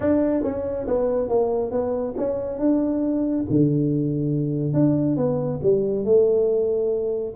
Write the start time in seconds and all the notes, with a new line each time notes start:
0.00 D4
0.43 C#4
0.87 B3
1.28 A#3
1.71 B3
2.17 C#4
2.58 D4
3.50 D3
4.73 D4
5.16 B3
5.63 G3
6.04 A3